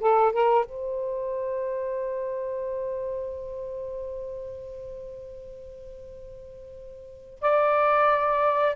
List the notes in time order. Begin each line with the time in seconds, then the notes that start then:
0.00 A4
0.33 A#4
0.66 C5
7.42 D5